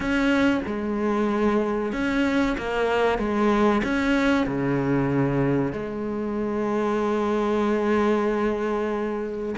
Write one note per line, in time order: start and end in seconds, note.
0.00 0.61 C#4
0.66 1.92 G#3
1.92 2.56 C#4
2.57 3.18 A#3
3.18 3.82 G#3
3.83 4.46 C#4
4.46 5.72 C#3
5.72 9.55 G#3